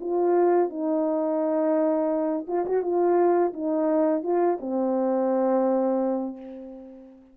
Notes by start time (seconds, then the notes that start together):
0.00 F4
0.69 D#4
2.47 F4
2.65 F#4
2.82 F4
3.53 D#4
4.23 F4
4.60 C4